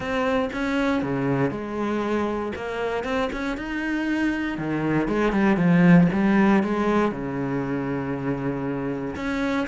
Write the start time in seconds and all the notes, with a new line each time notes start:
0.00 C4
0.52 C#4
1.02 C#3
1.50 G#3
2.55 A#3
3.04 C4
3.32 C#4
3.57 D#4
4.58 D#3
5.08 G#3
5.32 G3
5.56 F3
6.12 G3
6.63 G#3
7.11 C#3
9.15 C#4